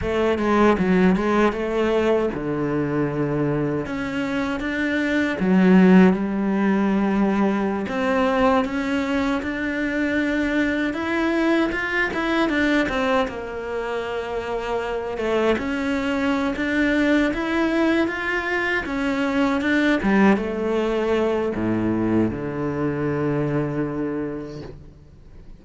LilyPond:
\new Staff \with { instrumentName = "cello" } { \time 4/4 \tempo 4 = 78 a8 gis8 fis8 gis8 a4 d4~ | d4 cis'4 d'4 fis4 | g2~ g16 c'4 cis'8.~ | cis'16 d'2 e'4 f'8 e'16~ |
e'16 d'8 c'8 ais2~ ais8 a16~ | a16 cis'4~ cis'16 d'4 e'4 f'8~ | f'8 cis'4 d'8 g8 a4. | a,4 d2. | }